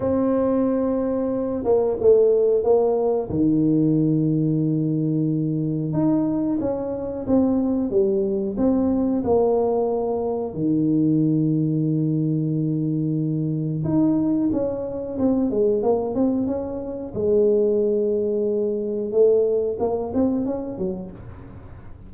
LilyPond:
\new Staff \with { instrumentName = "tuba" } { \time 4/4 \tempo 4 = 91 c'2~ c'8 ais8 a4 | ais4 dis2.~ | dis4 dis'4 cis'4 c'4 | g4 c'4 ais2 |
dis1~ | dis4 dis'4 cis'4 c'8 gis8 | ais8 c'8 cis'4 gis2~ | gis4 a4 ais8 c'8 cis'8 fis8 | }